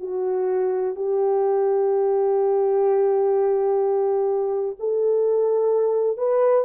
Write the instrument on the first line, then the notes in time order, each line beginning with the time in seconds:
horn
0.00 F#4
0.95 G4
4.80 A4
6.17 B4